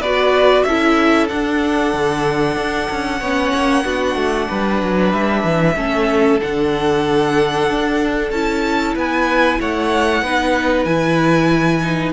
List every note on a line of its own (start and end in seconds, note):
0.00 0.64 B3
0.00 0.68 F#4
0.00 0.64 B4
0.00 0.63 D5
0.63 1.29 C#4
0.63 1.28 E4
0.63 3.20 A4
0.63 1.27 E5
1.28 3.20 D4
1.28 1.93 D4
1.28 5.11 F#5
1.93 2.57 D3
2.57 2.88 D4
2.90 3.21 C#4
3.20 3.53 B3
3.20 3.84 C#4
3.20 3.83 C#5
3.54 3.84 A#3
3.84 4.15 B3
3.84 5.75 D4
3.84 4.48 F#4
4.15 4.47 A3
4.48 4.82 G3
4.48 5.75 B4
4.82 5.12 F#3
5.12 5.44 G3
5.12 6.40 E5
5.44 5.76 E3
5.75 6.40 A3
5.75 6.39 C#4
5.75 8.94 A4
6.40 7.70 D3
6.40 8.31 D4
6.40 8.30 F#5
7.70 8.31 D4
8.30 8.95 C#4
8.30 10.25 E4
8.30 8.94 A5
8.95 9.59 B3
8.95 9.58 B4
8.95 9.61 G#5
9.60 10.22 A3
9.60 10.23 C#5
9.60 10.85 F#5
10.22 10.85 B3
10.22 10.87 D#4
10.22 12.12 B4
10.85 12.12 E3
10.85 11.82 E4
10.85 12.12 G#5
11.82 12.12 D#4